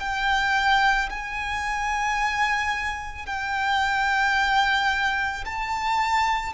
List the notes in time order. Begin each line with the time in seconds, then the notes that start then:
0.00 G5
1.10 G#5
3.26 G5
5.45 A5